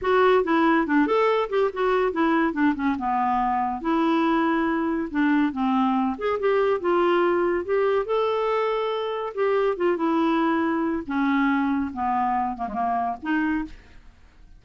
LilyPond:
\new Staff \with { instrumentName = "clarinet" } { \time 4/4 \tempo 4 = 141 fis'4 e'4 d'8 a'4 g'8 | fis'4 e'4 d'8 cis'8 b4~ | b4 e'2. | d'4 c'4. gis'8 g'4 |
f'2 g'4 a'4~ | a'2 g'4 f'8 e'8~ | e'2 cis'2 | b4. ais16 gis16 ais4 dis'4 | }